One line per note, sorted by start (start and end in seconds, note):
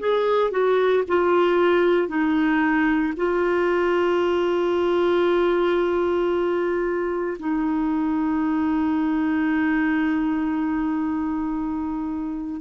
0.00 0.51 G#4
0.51 1.04 F#4
1.08 2.09 F4
2.09 3.14 D#4
3.17 7.38 F4
7.40 12.61 D#4